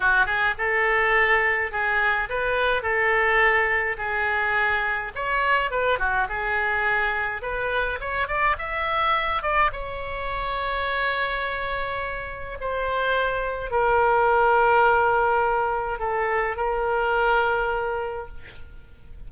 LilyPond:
\new Staff \with { instrumentName = "oboe" } { \time 4/4 \tempo 4 = 105 fis'8 gis'8 a'2 gis'4 | b'4 a'2 gis'4~ | gis'4 cis''4 b'8 fis'8 gis'4~ | gis'4 b'4 cis''8 d''8 e''4~ |
e''8 d''8 cis''2.~ | cis''2 c''2 | ais'1 | a'4 ais'2. | }